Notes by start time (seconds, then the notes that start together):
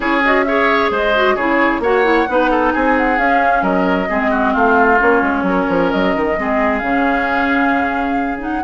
0.00 C#4 E4 G#4 C#5
0.24 F#4 D#5
0.44 G#4 C#5 E5
0.90 G#3 C5 D#5
1.14 F#4
1.35 C#3 E4 G#4 C#5
1.79 A#3 F#4 C#5 F#5
2.03 E4
2.28 B3 D#4 B4
2.51 A4
2.72 C4 G#4 G#5
2.97 F#5
3.18 C#4 F5
3.62 F#3 A#4 D#5
4.07 G#3 C4 G#4
4.30 F#4
4.52 A3 F4 F5
4.98 A#3 C#4 C#5
5.22 G#3
5.42 F#3
5.48 A#4
5.68 F3
5.91 F#3 D#5
6.15 D#3
6.37 G#3 C4 G#4
6.79 C#3 C#4 F5
8.38 D#4 F#5